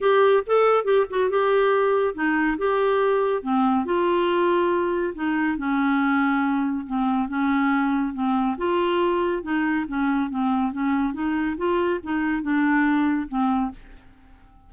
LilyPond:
\new Staff \with { instrumentName = "clarinet" } { \time 4/4 \tempo 4 = 140 g'4 a'4 g'8 fis'8 g'4~ | g'4 dis'4 g'2 | c'4 f'2. | dis'4 cis'2. |
c'4 cis'2 c'4 | f'2 dis'4 cis'4 | c'4 cis'4 dis'4 f'4 | dis'4 d'2 c'4 | }